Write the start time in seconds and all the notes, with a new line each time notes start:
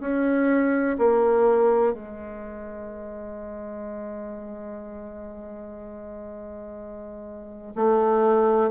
0.00 C#4
0.98 A#3
1.93 G#3
7.75 A3